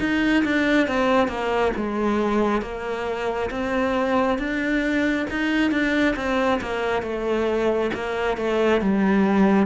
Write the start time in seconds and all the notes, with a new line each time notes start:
0.00 D#4
0.44 D4
0.87 C4
1.28 A#3
1.76 G#3
2.61 A#3
3.51 C4
4.38 D4
5.30 D#4
5.71 D4
6.16 C4
6.61 A#3
7.02 A3
7.94 A#3
8.37 A3
8.81 G3